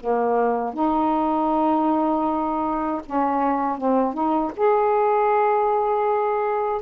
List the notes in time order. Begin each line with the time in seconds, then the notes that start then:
0.00 A#3
0.74 D#4
3.06 C#4
3.77 C4
4.13 D#4
4.56 G#4